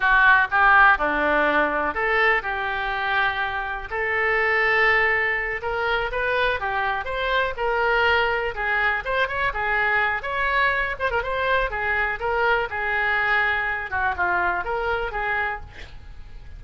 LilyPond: \new Staff \with { instrumentName = "oboe" } { \time 4/4 \tempo 4 = 123 fis'4 g'4 d'2 | a'4 g'2. | a'2.~ a'8 ais'8~ | ais'8 b'4 g'4 c''4 ais'8~ |
ais'4. gis'4 c''8 cis''8 gis'8~ | gis'4 cis''4. c''16 ais'16 c''4 | gis'4 ais'4 gis'2~ | gis'8 fis'8 f'4 ais'4 gis'4 | }